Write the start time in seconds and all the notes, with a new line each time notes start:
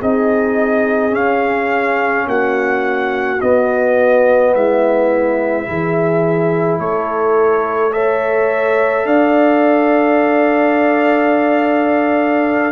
0.00 C4 D#4 G#4 D#5
1.11 C#4 F5
2.27 A#3 F#4 F#5
3.41 B3 D#5
4.54 G#3 E4 E5
5.64 E3 E4 G#4
6.79 A3 A4 C#5
7.92 A4 C#5 E5
9.05 D4 D5 F5